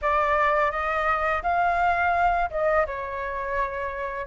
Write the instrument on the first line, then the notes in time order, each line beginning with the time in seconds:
flute
0.01 D5
0.71 D#5
1.43 F5
2.50 D#5
2.86 C#5